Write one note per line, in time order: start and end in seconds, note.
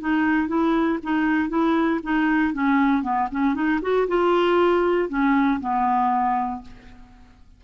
0.00 0.48 D#4
0.48 0.98 E4
1.03 1.49 D#4
1.49 2.00 E4
2.03 2.53 D#4
2.53 3.03 C#4
3.03 3.28 B3
3.31 3.54 C#4
3.54 3.80 D#4
3.82 4.07 F#4
4.08 5.09 F4
5.09 5.60 C#4
5.60 6.61 B3